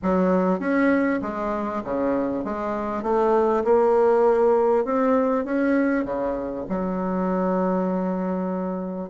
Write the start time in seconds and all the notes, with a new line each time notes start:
0.02 F#3
0.59 C#4
1.22 G#3
1.84 C#3
2.44 G#3
3.02 A3
3.64 A#3
4.84 C4
5.45 C#4
6.04 C#3
6.69 F#3